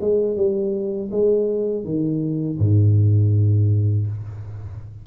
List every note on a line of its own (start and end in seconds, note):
0.00 0.36 G#3
0.36 1.10 G3
1.11 1.84 G#3
1.84 2.58 D#3
2.58 4.06 G#2